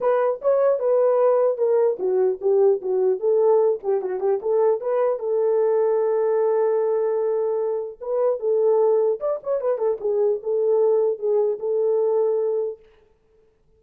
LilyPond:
\new Staff \with { instrumentName = "horn" } { \time 4/4 \tempo 4 = 150 b'4 cis''4 b'2 | ais'4 fis'4 g'4 fis'4 | a'4. g'8 fis'8 g'8 a'4 | b'4 a'2.~ |
a'1 | b'4 a'2 d''8 cis''8 | b'8 a'8 gis'4 a'2 | gis'4 a'2. | }